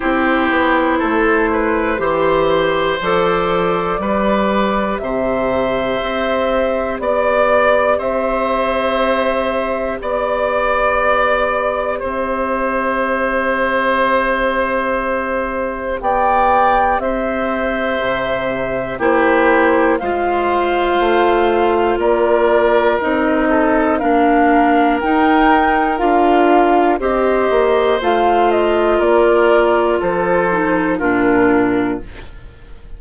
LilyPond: <<
  \new Staff \with { instrumentName = "flute" } { \time 4/4 \tempo 4 = 60 c''2. d''4~ | d''4 e''2 d''4 | e''2 d''2 | e''1 |
g''4 e''2 c''4 | f''2 d''4 dis''4 | f''4 g''4 f''4 dis''4 | f''8 dis''8 d''4 c''4 ais'4 | }
  \new Staff \with { instrumentName = "oboe" } { \time 4/4 g'4 a'8 b'8 c''2 | b'4 c''2 d''4 | c''2 d''2 | c''1 |
d''4 c''2 g'4 | c''2 ais'4. a'8 | ais'2. c''4~ | c''4 ais'4 a'4 f'4 | }
  \new Staff \with { instrumentName = "clarinet" } { \time 4/4 e'2 g'4 a'4 | g'1~ | g'1~ | g'1~ |
g'2. e'4 | f'2. dis'4 | d'4 dis'4 f'4 g'4 | f'2~ f'8 dis'8 d'4 | }
  \new Staff \with { instrumentName = "bassoon" } { \time 4/4 c'8 b8 a4 e4 f4 | g4 c4 c'4 b4 | c'2 b2 | c'1 |
b4 c'4 c4 ais4 | gis4 a4 ais4 c'4 | ais4 dis'4 d'4 c'8 ais8 | a4 ais4 f4 ais,4 | }
>>